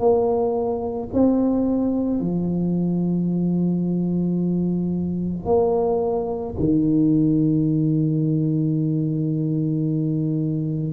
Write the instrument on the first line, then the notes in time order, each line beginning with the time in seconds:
tuba
0.00 A#3
1.14 C4
2.20 F3
5.46 A#3
6.60 D#3